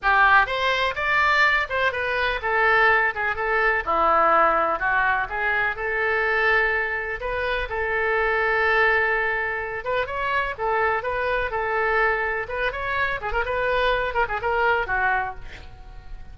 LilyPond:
\new Staff \with { instrumentName = "oboe" } { \time 4/4 \tempo 4 = 125 g'4 c''4 d''4. c''8 | b'4 a'4. gis'8 a'4 | e'2 fis'4 gis'4 | a'2. b'4 |
a'1~ | a'8 b'8 cis''4 a'4 b'4 | a'2 b'8 cis''4 gis'16 ais'16 | b'4. ais'16 gis'16 ais'4 fis'4 | }